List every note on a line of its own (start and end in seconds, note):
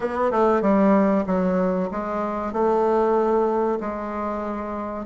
0.00 0.31 B3
0.31 0.61 A3
0.61 1.24 G3
1.26 1.89 F#3
1.91 2.52 G#3
2.52 3.79 A3
3.80 5.05 G#3